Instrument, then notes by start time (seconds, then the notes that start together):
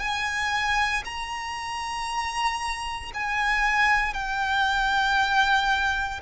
violin
0.00 G#5
1.05 A#5
3.15 G#5
4.14 G5